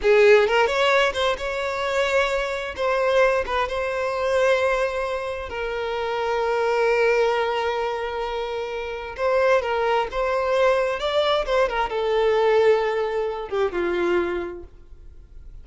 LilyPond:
\new Staff \with { instrumentName = "violin" } { \time 4/4 \tempo 4 = 131 gis'4 ais'8 cis''4 c''8 cis''4~ | cis''2 c''4. b'8 | c''1 | ais'1~ |
ais'1 | c''4 ais'4 c''2 | d''4 c''8 ais'8 a'2~ | a'4. g'8 f'2 | }